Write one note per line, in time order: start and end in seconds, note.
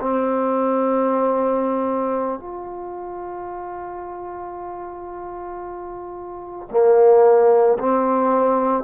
0.00 2.39 C4
2.39 6.68 F4
6.70 7.77 A#3
7.79 8.83 C4